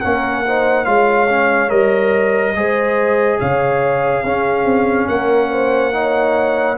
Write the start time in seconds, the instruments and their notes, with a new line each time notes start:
0.00 tuba A#3, trombone C#4, horn A#4, trumpet F#5
0.46 trombone D#4, horn C5
0.85 tuba G#3, trombone F4, horn C#5, trumpet F5
1.29 trombone C#4
1.68 tuba G3, trombone A#4, trumpet D#5
2.55 tuba G#3, trombone G#4, horn C5
3.40 tuba C#3, horn C#5, trumpet F5
4.22 tuba C#4, trombone C#4, horn G#4
4.65 tuba C4
5.08 tuba A#3, horn A#4, trumpet F#5
5.51 horn C5
5.93 trombone D#4, horn C#5